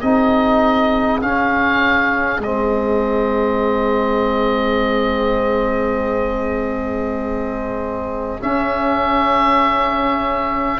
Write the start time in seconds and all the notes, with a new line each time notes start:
0.00 C4 D#4 G#4 D#5
1.21 C#4 F5
2.39 G#3 C4 D#5
8.40 C#4 E5